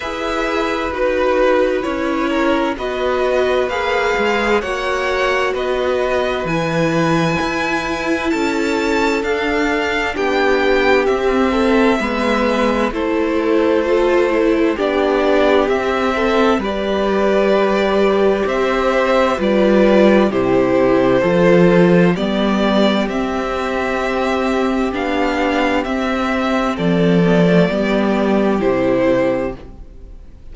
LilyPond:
<<
  \new Staff \with { instrumentName = "violin" } { \time 4/4 \tempo 4 = 65 e''4 b'4 cis''4 dis''4 | f''4 fis''4 dis''4 gis''4~ | gis''4 a''4 f''4 g''4 | e''2 c''2 |
d''4 e''4 d''2 | e''4 d''4 c''2 | d''4 e''2 f''4 | e''4 d''2 c''4 | }
  \new Staff \with { instrumentName = "violin" } { \time 4/4 b'2~ b'8 ais'8 b'4~ | b'4 cis''4 b'2~ | b'4 a'2 g'4~ | g'8 a'8 b'4 a'2 |
g'4. a'8 b'2 | c''4 b'4 g'4 a'4 | g'1~ | g'4 a'4 g'2 | }
  \new Staff \with { instrumentName = "viola" } { \time 4/4 gis'4 fis'4 e'4 fis'4 | gis'4 fis'2 e'4~ | e'2 d'2 | c'4 b4 e'4 f'8 e'8 |
d'4 c'4 g'2~ | g'4 f'4 e'4 f'4 | b4 c'2 d'4 | c'4. b16 a16 b4 e'4 | }
  \new Staff \with { instrumentName = "cello" } { \time 4/4 e'4 dis'4 cis'4 b4 | ais8 gis8 ais4 b4 e4 | e'4 cis'4 d'4 b4 | c'4 gis4 a2 |
b4 c'4 g2 | c'4 g4 c4 f4 | g4 c'2 b4 | c'4 f4 g4 c4 | }
>>